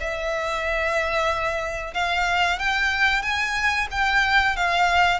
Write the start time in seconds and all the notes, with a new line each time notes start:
0.00 E5
1.94 F5
2.59 G5
3.22 G#5
3.91 G5
4.56 F5